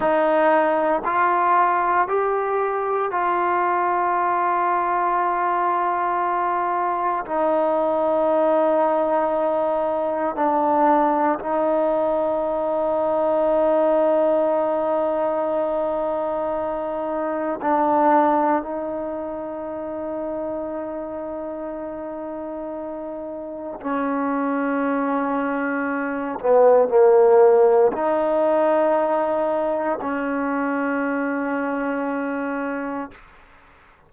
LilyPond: \new Staff \with { instrumentName = "trombone" } { \time 4/4 \tempo 4 = 58 dis'4 f'4 g'4 f'4~ | f'2. dis'4~ | dis'2 d'4 dis'4~ | dis'1~ |
dis'4 d'4 dis'2~ | dis'2. cis'4~ | cis'4. b8 ais4 dis'4~ | dis'4 cis'2. | }